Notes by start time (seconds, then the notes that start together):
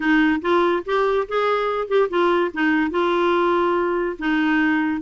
0.00 D#4
0.41 F4
0.85 G4
1.28 G#4
1.87 G4
2.09 F4
2.53 D#4
2.90 F4
4.18 D#4